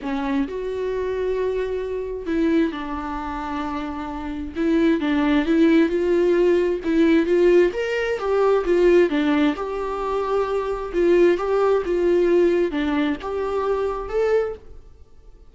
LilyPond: \new Staff \with { instrumentName = "viola" } { \time 4/4 \tempo 4 = 132 cis'4 fis'2.~ | fis'4 e'4 d'2~ | d'2 e'4 d'4 | e'4 f'2 e'4 |
f'4 ais'4 g'4 f'4 | d'4 g'2. | f'4 g'4 f'2 | d'4 g'2 a'4 | }